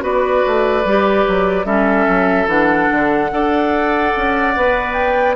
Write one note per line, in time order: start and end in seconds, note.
0.00 0.43 B3
0.00 0.82 F#4
0.00 1.66 B4
0.00 1.65 D5
0.47 0.85 A3
0.85 1.26 G3
0.85 1.65 G4
1.28 1.65 F#3
1.65 2.06 G3
1.65 2.47 C#4
1.65 3.30 A4
1.65 2.48 E5
2.08 2.47 F#3
2.47 2.88 E3
2.47 3.30 D4
2.47 4.93 F#5
2.92 3.32 D3
3.30 4.14 D4
3.30 4.54 A4
3.30 5.36 D5
4.16 4.57 C#4
4.56 5.36 B3
4.56 5.36 B4
4.93 5.34 G5